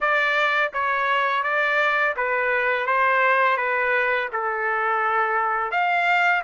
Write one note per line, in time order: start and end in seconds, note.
0.00 0.72 D5
0.73 1.43 C#5
1.43 2.14 D5
2.16 2.86 B4
2.86 3.57 C5
3.57 4.29 B4
4.32 5.71 A4
5.71 6.42 F5